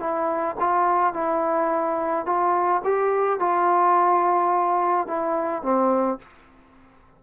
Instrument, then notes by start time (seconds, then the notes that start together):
trombone
0.00 E4
0.60 F4
1.14 E4
2.26 F4
2.85 G4
3.40 F4
5.08 E4
5.63 C4